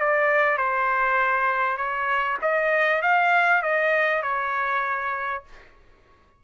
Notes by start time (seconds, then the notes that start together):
0.00 D5
0.58 C5
1.77 C#5
2.42 D#5
3.02 F5
3.62 D#5
4.23 C#5